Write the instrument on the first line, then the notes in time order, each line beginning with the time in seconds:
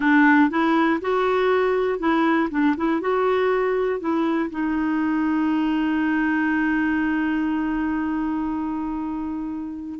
clarinet
0.00 D4
0.50 E4
1.01 F#4
1.99 E4
2.50 D4
2.76 E4
3.00 F#4
4.00 E4
4.50 D#4